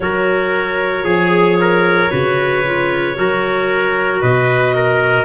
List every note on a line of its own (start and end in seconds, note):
0.00 1.03 F#3
0.00 1.04 F#4
0.00 1.04 A#4
0.00 4.20 C#5
1.03 2.08 F3
1.03 1.57 G#4
1.03 2.09 G#4
1.60 2.10 A#4
2.10 3.16 C#3
2.10 2.62 F#4
2.10 3.16 B4
2.65 3.14 F4
3.14 4.21 F#3
3.14 5.25 F#4
3.14 4.21 A#4
4.21 5.25 B2
4.21 4.74 B4
4.21 5.25 D#5
4.74 5.25 A#4